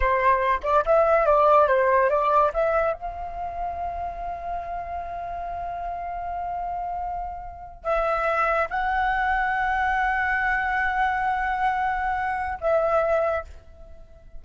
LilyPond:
\new Staff \with { instrumentName = "flute" } { \time 4/4 \tempo 4 = 143 c''4. d''8 e''4 d''4 | c''4 d''4 e''4 f''4~ | f''1~ | f''1~ |
f''2~ f''8. e''4~ e''16~ | e''8. fis''2.~ fis''16~ | fis''1~ | fis''2 e''2 | }